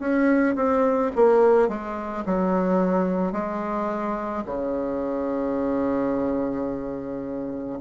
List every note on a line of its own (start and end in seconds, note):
0.00 0.56 C#4
0.56 1.11 C4
1.16 1.69 A#3
1.69 2.24 G#3
2.26 3.32 F#3
3.32 4.43 G#3
4.46 7.79 C#3